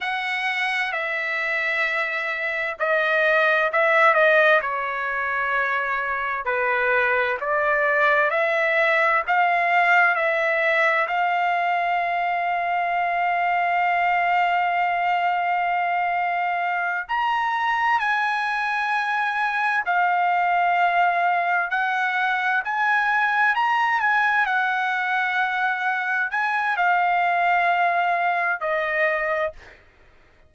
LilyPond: \new Staff \with { instrumentName = "trumpet" } { \time 4/4 \tempo 4 = 65 fis''4 e''2 dis''4 | e''8 dis''8 cis''2 b'4 | d''4 e''4 f''4 e''4 | f''1~ |
f''2~ f''8 ais''4 gis''8~ | gis''4. f''2 fis''8~ | fis''8 gis''4 ais''8 gis''8 fis''4.~ | fis''8 gis''8 f''2 dis''4 | }